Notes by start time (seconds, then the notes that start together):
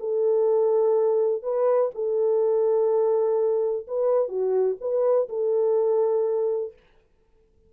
0.00 A4
1.42 B4
1.95 A4
3.88 B4
4.28 F#4
4.81 B4
5.29 A4